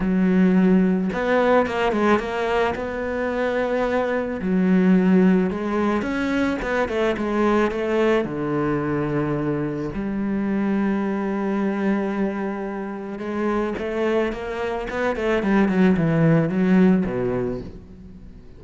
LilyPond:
\new Staff \with { instrumentName = "cello" } { \time 4/4 \tempo 4 = 109 fis2 b4 ais8 gis8 | ais4 b2. | fis2 gis4 cis'4 | b8 a8 gis4 a4 d4~ |
d2 g2~ | g1 | gis4 a4 ais4 b8 a8 | g8 fis8 e4 fis4 b,4 | }